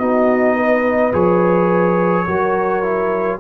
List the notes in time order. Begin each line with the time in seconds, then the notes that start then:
0.00 B3 D#4 F#4 D#5
0.56 B4
1.13 F3 G#4 C#5
2.27 F#3 F#4 A#4
2.83 E4